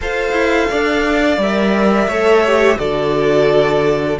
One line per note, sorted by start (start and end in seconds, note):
0.01 0.32 F4
0.01 1.40 A4
0.01 0.69 C5
0.01 1.41 F5
0.32 0.67 E4
0.69 1.37 D4
0.69 2.08 D5
1.37 2.07 G3
1.37 2.10 A#4
1.37 2.78 E5
2.07 2.77 A3
2.07 2.44 A4
2.07 2.78 C#5
2.46 2.78 G4
2.78 4.18 D3
2.78 4.17 F#4
2.78 4.18 A4
2.78 4.18 D5